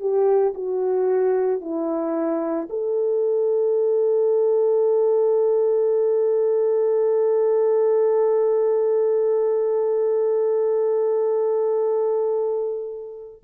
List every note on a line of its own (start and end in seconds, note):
0.00 0.54 G4
0.55 1.61 F#4
1.61 2.68 E4
2.69 13.41 A4